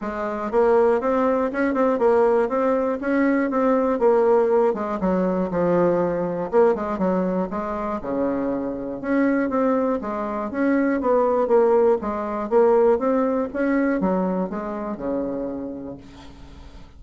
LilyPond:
\new Staff \with { instrumentName = "bassoon" } { \time 4/4 \tempo 4 = 120 gis4 ais4 c'4 cis'8 c'8 | ais4 c'4 cis'4 c'4 | ais4. gis8 fis4 f4~ | f4 ais8 gis8 fis4 gis4 |
cis2 cis'4 c'4 | gis4 cis'4 b4 ais4 | gis4 ais4 c'4 cis'4 | fis4 gis4 cis2 | }